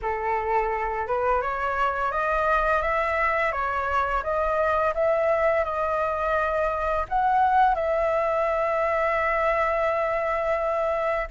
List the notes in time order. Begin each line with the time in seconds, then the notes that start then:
0.02 A4
1.07 B4
1.41 C#5
2.11 D#5
2.81 E5
3.52 C#5
4.23 D#5
4.94 E5
5.64 D#5
7.08 F#5
7.75 E5